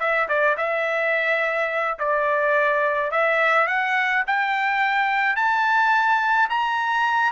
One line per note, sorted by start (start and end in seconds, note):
0.00 0.28 E5
0.29 0.57 D5
0.57 1.99 E5
1.99 3.11 D5
3.11 3.67 E5
3.67 4.24 F#5
4.27 5.36 G5
5.36 6.50 A5
6.50 7.32 A#5